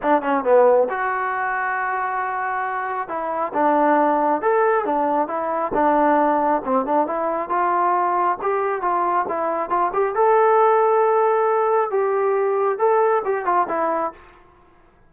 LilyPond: \new Staff \with { instrumentName = "trombone" } { \time 4/4 \tempo 4 = 136 d'8 cis'8 b4 fis'2~ | fis'2. e'4 | d'2 a'4 d'4 | e'4 d'2 c'8 d'8 |
e'4 f'2 g'4 | f'4 e'4 f'8 g'8 a'4~ | a'2. g'4~ | g'4 a'4 g'8 f'8 e'4 | }